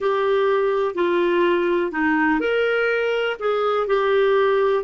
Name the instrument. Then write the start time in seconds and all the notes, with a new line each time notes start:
clarinet
0.00 G4
0.94 F4
1.91 D#4
2.40 A#4
3.39 G#4
3.87 G4